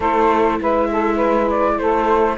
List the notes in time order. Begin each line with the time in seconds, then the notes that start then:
0.00 A3 E4 A4 C5
0.61 G#3 B4 E5
0.91 A4
1.15 B4
1.50 D5
1.78 A3 A4 C5